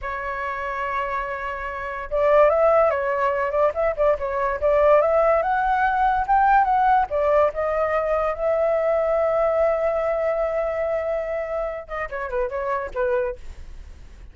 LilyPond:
\new Staff \with { instrumentName = "flute" } { \time 4/4 \tempo 4 = 144 cis''1~ | cis''4 d''4 e''4 cis''4~ | cis''8 d''8 e''8 d''8 cis''4 d''4 | e''4 fis''2 g''4 |
fis''4 d''4 dis''2 | e''1~ | e''1~ | e''8 dis''8 cis''8 b'8 cis''4 b'4 | }